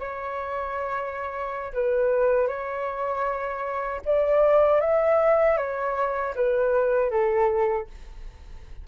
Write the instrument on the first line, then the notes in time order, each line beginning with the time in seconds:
flute
0.00 C#5
1.73 B4
2.48 C#5
4.06 D5
4.80 E5
5.57 C#5
6.36 B4
7.10 A4